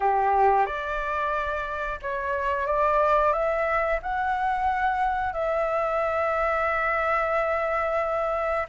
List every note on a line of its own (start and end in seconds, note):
0.00 0.66 G4
0.66 1.99 D5
2.02 2.67 C#5
2.67 3.32 D5
3.32 3.99 E5
4.02 5.33 F#5
5.33 8.66 E5